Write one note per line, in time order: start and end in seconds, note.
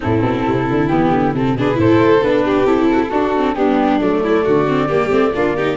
0.00 0.21 A2
0.00 0.87 C4
0.00 1.54 E4
0.00 0.88 A4
0.21 0.44 B2
0.46 0.69 C3
0.70 0.89 D3
0.88 1.10 E3
0.88 1.35 B3
0.88 1.32 G4
1.10 1.32 D3
1.32 1.53 C3
1.32 1.58 C4
1.32 1.57 A4
1.53 1.76 B2
1.53 1.74 D4
1.53 1.79 G#4
1.53 1.80 B4
1.74 1.98 A2
1.74 2.18 E4
1.74 2.45 A4
1.74 2.23 C5
1.98 2.20 A3
2.23 2.64 B3
2.23 2.66 D4
2.23 2.66 B4
2.45 2.89 G4
2.64 3.09 C4
2.64 3.10 E4
2.64 3.54 A4
2.92 3.02 F#4
3.02 3.10 E4
3.10 3.56 D4
3.10 3.35 D4
3.10 3.54 F#4
3.36 3.55 C4
3.54 4.00 G3
3.54 4.00 B3
3.54 4.23 D4
3.54 3.99 G4
4.00 4.45 F#3
4.00 4.67 A3
4.00 5.77 D5
4.23 4.44 E4
4.44 4.91 D3
4.44 4.87 F#4
4.67 4.89 C4
4.87 5.11 G3
4.87 5.09 A#3
4.87 5.32 G4
5.09 5.33 A3
5.09 5.32 C4
5.35 5.77 A#3
5.35 5.57 D4
5.35 5.56 F4
5.56 5.77 D#4
5.56 5.77 G4